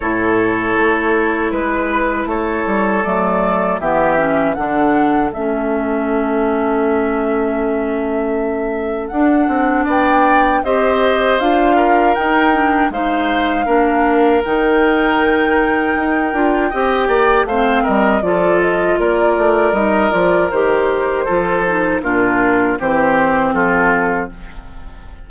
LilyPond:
<<
  \new Staff \with { instrumentName = "flute" } { \time 4/4 \tempo 4 = 79 cis''2 b'4 cis''4 | d''4 e''4 fis''4 e''4~ | e''1 | fis''4 g''4 dis''4 f''4 |
g''4 f''2 g''4~ | g''2. f''8 dis''8 | d''8 dis''8 d''4 dis''8 d''8 c''4~ | c''4 ais'4 c''4 a'4 | }
  \new Staff \with { instrumentName = "oboe" } { \time 4/4 a'2 b'4 a'4~ | a'4 g'4 a'2~ | a'1~ | a'4 d''4 c''4. ais'8~ |
ais'4 c''4 ais'2~ | ais'2 dis''8 d''8 c''8 ais'8 | a'4 ais'2. | a'4 f'4 g'4 f'4 | }
  \new Staff \with { instrumentName = "clarinet" } { \time 4/4 e'1 | a4 b8 cis'8 d'4 cis'4~ | cis'1 | d'2 g'4 f'4 |
dis'8 d'8 dis'4 d'4 dis'4~ | dis'4. f'8 g'4 c'4 | f'2 dis'8 f'8 g'4 | f'8 dis'8 d'4 c'2 | }
  \new Staff \with { instrumentName = "bassoon" } { \time 4/4 a,4 a4 gis4 a8 g8 | fis4 e4 d4 a4~ | a1 | d'8 c'8 b4 c'4 d'4 |
dis'4 gis4 ais4 dis4~ | dis4 dis'8 d'8 c'8 ais8 a8 g8 | f4 ais8 a8 g8 f8 dis4 | f4 ais,4 e4 f4 | }
>>